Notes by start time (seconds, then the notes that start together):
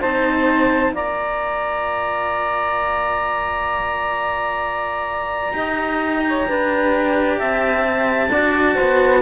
0.00 C4 D#4 C5 A5
0.92 A#3 F4 D5 A#5
5.52 D#4 G4 D#5
6.27 C#5
6.47 D4 B4
7.37 C4 E5 A5
8.29 D4 F#4 D5
8.74 C5
8.80 B3